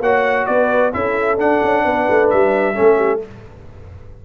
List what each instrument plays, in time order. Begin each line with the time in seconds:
0.00 tuba A#3, trombone F#4, horn C#5, trumpet F#5
0.46 tuba B3, horn B4, trumpet D5
0.92 tuba C#4, trombone E4, horn A4, trumpet E5
1.37 tuba D4, trombone D4, trumpet F#5
1.63 tuba C#4
1.84 tuba B3, horn B4
2.09 tuba A3
2.29 tuba G3, trumpet E5
2.73 tuba A3, trombone C#4, horn A4
2.96 horn G4